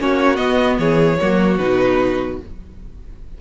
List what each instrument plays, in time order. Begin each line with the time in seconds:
0.00 cello A#3, viola C#4, violin F#4 C#5
0.36 viola B3, cello B3, violin D#5
0.79 cello E3, violin G#4 C#5
1.21 cello F#3, viola A#3, violin F#4
1.58 cello B2, viola D#4, violin B4